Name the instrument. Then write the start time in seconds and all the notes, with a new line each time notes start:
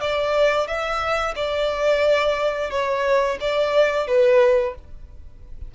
violin
0.00 D5
0.67 E5
1.35 D5
2.70 C#5
3.40 D5
4.07 B4